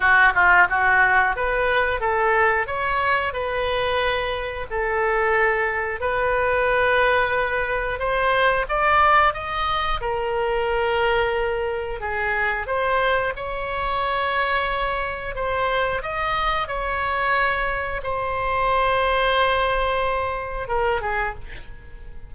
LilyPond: \new Staff \with { instrumentName = "oboe" } { \time 4/4 \tempo 4 = 90 fis'8 f'8 fis'4 b'4 a'4 | cis''4 b'2 a'4~ | a'4 b'2. | c''4 d''4 dis''4 ais'4~ |
ais'2 gis'4 c''4 | cis''2. c''4 | dis''4 cis''2 c''4~ | c''2. ais'8 gis'8 | }